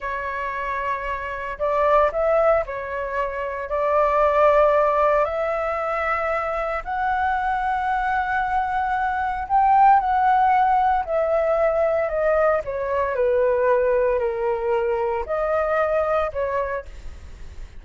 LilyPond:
\new Staff \with { instrumentName = "flute" } { \time 4/4 \tempo 4 = 114 cis''2. d''4 | e''4 cis''2 d''4~ | d''2 e''2~ | e''4 fis''2.~ |
fis''2 g''4 fis''4~ | fis''4 e''2 dis''4 | cis''4 b'2 ais'4~ | ais'4 dis''2 cis''4 | }